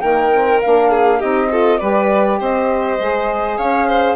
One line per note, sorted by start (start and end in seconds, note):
0.00 0.62 D#3
0.00 0.31 A#3
0.00 0.89 A#4
0.00 0.59 G5
0.32 0.61 C4
0.61 1.22 A#3
0.61 1.22 D4
0.61 1.20 F5
0.89 1.19 G#4
1.19 1.81 C4
1.19 1.50 D#4
1.19 1.49 G4
1.19 1.78 D#5
1.50 1.79 F4
1.50 1.79 A4
1.78 2.40 G3
1.78 2.98 G4
1.78 2.39 B4
1.78 2.37 D5
2.40 2.99 C4
2.40 3.57 C5
2.40 3.57 D#5
2.99 3.58 G#3
2.99 4.15 G#4
3.57 4.15 C#4
3.57 3.87 C#5
3.57 4.15 F5
3.87 4.15 C5